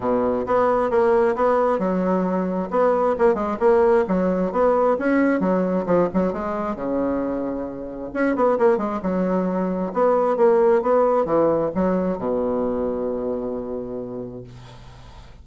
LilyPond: \new Staff \with { instrumentName = "bassoon" } { \time 4/4 \tempo 4 = 133 b,4 b4 ais4 b4 | fis2 b4 ais8 gis8 | ais4 fis4 b4 cis'4 | fis4 f8 fis8 gis4 cis4~ |
cis2 cis'8 b8 ais8 gis8 | fis2 b4 ais4 | b4 e4 fis4 b,4~ | b,1 | }